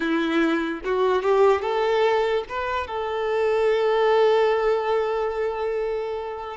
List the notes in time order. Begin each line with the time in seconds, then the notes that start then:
0.00 E4
0.84 F#4
1.22 G4
1.61 A4
2.48 B4
2.87 A4